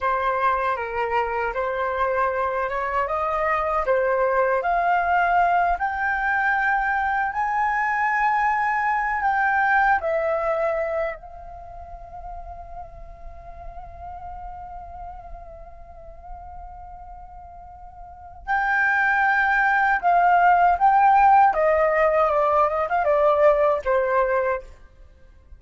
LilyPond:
\new Staff \with { instrumentName = "flute" } { \time 4/4 \tempo 4 = 78 c''4 ais'4 c''4. cis''8 | dis''4 c''4 f''4. g''8~ | g''4. gis''2~ gis''8 | g''4 e''4. f''4.~ |
f''1~ | f''1 | g''2 f''4 g''4 | dis''4 d''8 dis''16 f''16 d''4 c''4 | }